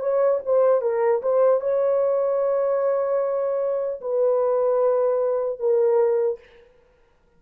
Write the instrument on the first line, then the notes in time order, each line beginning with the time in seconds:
horn
0.00 C#5
0.46 C5
0.82 A#4
1.23 C5
1.61 C#5
4.01 B4
5.60 A#4